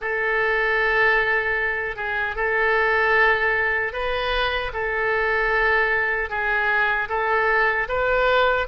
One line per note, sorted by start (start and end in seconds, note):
0.01 1.96 A4
1.96 2.35 G#4
2.35 3.93 A4
3.93 4.72 B4
4.73 6.29 A4
6.29 7.08 G#4
7.08 7.87 A4
7.88 8.67 B4